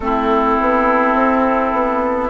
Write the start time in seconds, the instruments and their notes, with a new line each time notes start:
0.00 bassoon A3, clarinet C4, oboe E4, flute A4
0.60 bassoon B3
1.14 bassoon C4
1.72 bassoon B3